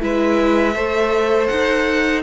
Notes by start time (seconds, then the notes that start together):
0.00 G#3 E4 B4 E5
0.74 A3 A4 C5
1.48 D#4 F#5